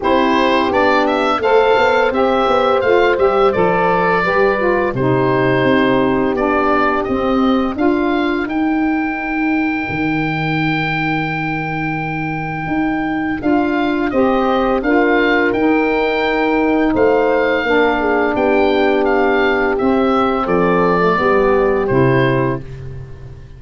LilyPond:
<<
  \new Staff \with { instrumentName = "oboe" } { \time 4/4 \tempo 4 = 85 c''4 d''8 e''8 f''4 e''4 | f''8 e''8 d''2 c''4~ | c''4 d''4 dis''4 f''4 | g''1~ |
g''2. f''4 | dis''4 f''4 g''2 | f''2 g''4 f''4 | e''4 d''2 c''4 | }
  \new Staff \with { instrumentName = "horn" } { \time 4/4 g'2 c''2~ | c''2 b'4 g'4~ | g'2. ais'4~ | ais'1~ |
ais'1 | c''4 ais'2. | c''4 ais'8 gis'8 g'2~ | g'4 a'4 g'2 | }
  \new Staff \with { instrumentName = "saxophone" } { \time 4/4 e'4 d'4 a'4 g'4 | f'8 g'8 a'4 g'8 f'8 dis'4~ | dis'4 d'4 c'4 f'4 | dis'1~ |
dis'2. f'4 | g'4 f'4 dis'2~ | dis'4 d'2. | c'4.~ c'16 a16 b4 e'4 | }
  \new Staff \with { instrumentName = "tuba" } { \time 4/4 c'4 b4 a8 b8 c'8 b8 | a8 g8 f4 g4 c4 | c'4 b4 c'4 d'4 | dis'2 dis2~ |
dis2 dis'4 d'4 | c'4 d'4 dis'2 | a4 ais4 b2 | c'4 f4 g4 c4 | }
>>